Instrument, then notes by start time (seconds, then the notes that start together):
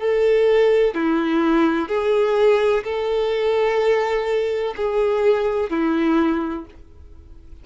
violin
0.00 A4
0.95 E4
1.88 G#4
2.84 A4
4.77 G#4
5.70 E4